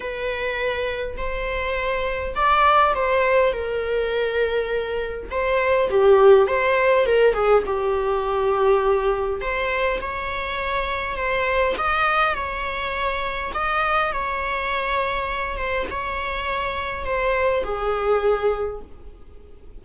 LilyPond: \new Staff \with { instrumentName = "viola" } { \time 4/4 \tempo 4 = 102 b'2 c''2 | d''4 c''4 ais'2~ | ais'4 c''4 g'4 c''4 | ais'8 gis'8 g'2. |
c''4 cis''2 c''4 | dis''4 cis''2 dis''4 | cis''2~ cis''8 c''8 cis''4~ | cis''4 c''4 gis'2 | }